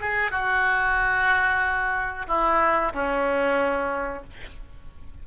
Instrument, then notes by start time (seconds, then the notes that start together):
oboe
0.00 G#4
0.31 F#4
2.27 E4
2.93 C#4